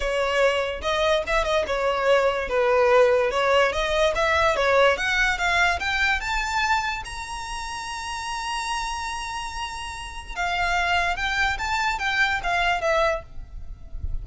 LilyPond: \new Staff \with { instrumentName = "violin" } { \time 4/4 \tempo 4 = 145 cis''2 dis''4 e''8 dis''8 | cis''2 b'2 | cis''4 dis''4 e''4 cis''4 | fis''4 f''4 g''4 a''4~ |
a''4 ais''2.~ | ais''1~ | ais''4 f''2 g''4 | a''4 g''4 f''4 e''4 | }